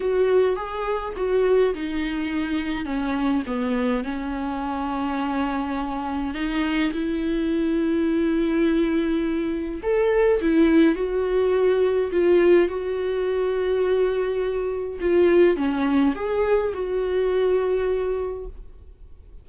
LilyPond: \new Staff \with { instrumentName = "viola" } { \time 4/4 \tempo 4 = 104 fis'4 gis'4 fis'4 dis'4~ | dis'4 cis'4 b4 cis'4~ | cis'2. dis'4 | e'1~ |
e'4 a'4 e'4 fis'4~ | fis'4 f'4 fis'2~ | fis'2 f'4 cis'4 | gis'4 fis'2. | }